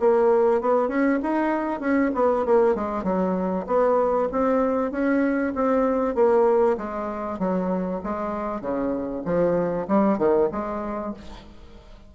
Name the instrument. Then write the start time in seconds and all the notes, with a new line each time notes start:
bassoon
0.00 A#3
0.61 B3
0.88 C#4
1.23 D#4
1.80 C#4
2.15 B3
2.45 A#3
2.75 G#3
3.04 F#3
3.67 B3
4.32 C4
4.91 C#4
5.55 C4
6.15 A#3
6.78 G#3
7.39 F#3
8.03 G#3
8.61 C#3
9.25 F3
9.88 G3
10.18 D#3
10.52 G#3